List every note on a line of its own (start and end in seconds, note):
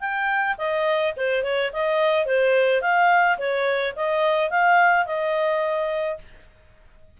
0.00 0.56 G5
0.58 1.14 D#5
1.16 1.43 C5
1.43 1.71 C#5
1.73 2.26 D#5
2.26 2.81 C5
2.81 3.37 F5
3.38 3.94 C#5
3.96 4.50 D#5
4.50 5.06 F5
5.06 6.18 D#5